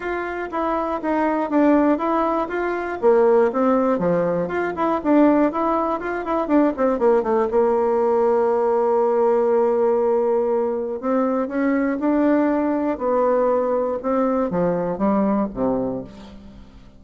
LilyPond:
\new Staff \with { instrumentName = "bassoon" } { \time 4/4 \tempo 4 = 120 f'4 e'4 dis'4 d'4 | e'4 f'4 ais4 c'4 | f4 f'8 e'8 d'4 e'4 | f'8 e'8 d'8 c'8 ais8 a8 ais4~ |
ais1~ | ais2 c'4 cis'4 | d'2 b2 | c'4 f4 g4 c4 | }